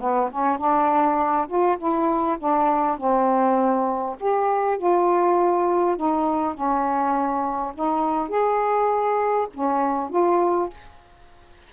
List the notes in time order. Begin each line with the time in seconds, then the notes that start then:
0.00 B3
0.31 C#4
0.58 D4
1.48 F4
1.77 E4
2.39 D4
2.97 C4
4.19 G4
4.78 F4
5.96 D#4
6.54 C#4
7.74 D#4
8.28 G#4
9.53 C#4
10.10 F4